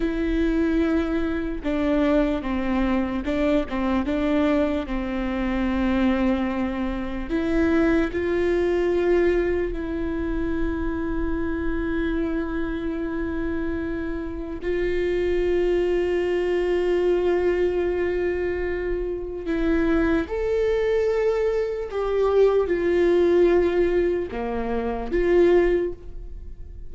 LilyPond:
\new Staff \with { instrumentName = "viola" } { \time 4/4 \tempo 4 = 74 e'2 d'4 c'4 | d'8 c'8 d'4 c'2~ | c'4 e'4 f'2 | e'1~ |
e'2 f'2~ | f'1 | e'4 a'2 g'4 | f'2 ais4 f'4 | }